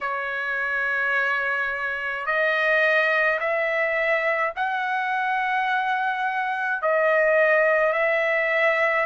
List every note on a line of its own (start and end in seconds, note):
0.01 2.25 C#5
2.25 3.39 D#5
3.40 4.53 E5
4.55 6.82 F#5
6.82 7.92 D#5
7.92 9.06 E5